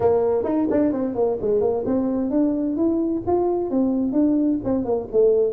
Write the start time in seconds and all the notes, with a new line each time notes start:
0.00 A#3
0.44 D#4
0.70 D4
0.92 C4
1.14 A#3
1.41 G#3
1.60 A#3
1.85 C4
2.30 D4
2.76 E4
3.26 F4
3.70 C4
4.12 D4
4.64 C4
4.84 A#3
5.12 A3